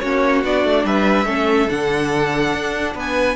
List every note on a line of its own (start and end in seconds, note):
0.00 0.43 A#3
0.00 0.44 C#4
0.00 0.86 F#4
0.00 0.42 C#5
0.43 0.64 B3
0.43 1.26 D4
0.43 0.86 D5
0.64 0.84 A3
0.84 1.26 G3
0.84 1.26 B4
0.84 1.70 E5
1.26 1.68 A3
1.26 1.68 C#4
1.26 2.94 A4
1.70 2.53 D3
1.70 3.36 D4
1.70 2.96 F#5
2.53 2.95 D4
2.95 3.36 B3
2.95 3.36 B4
2.95 3.36 G#5